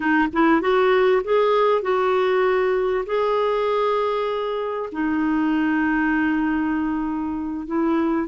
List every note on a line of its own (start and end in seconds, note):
0.00 0.28 D#4
0.33 0.61 E4
0.61 1.22 F#4
1.24 1.82 G#4
1.82 3.04 F#4
3.06 4.89 G#4
4.92 7.66 D#4
7.66 8.27 E4